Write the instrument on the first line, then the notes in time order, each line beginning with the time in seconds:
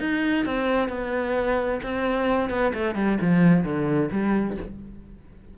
cello
0.00 D#4
0.46 C4
0.89 B3
1.83 C4
2.50 B3
2.74 A3
2.95 G3
3.21 F3
3.64 D3
4.11 G3